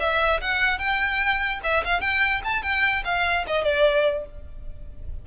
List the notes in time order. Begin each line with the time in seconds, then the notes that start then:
0.00 E5
0.41 F#5
0.79 G5
1.63 E5
1.85 F5
2.01 G5
2.44 A5
2.63 G5
3.05 F5
3.47 D#5
3.64 D5